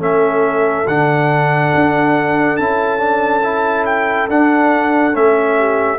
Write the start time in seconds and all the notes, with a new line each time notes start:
0.00 A3 C#4 A4 E5
0.87 D3 D4 F#5
1.75 D4
2.57 C#4 E4 A5
2.99 D4
3.44 E4
3.86 G5
4.30 D4 F#5
5.13 A3 C#4 E5
5.58 G4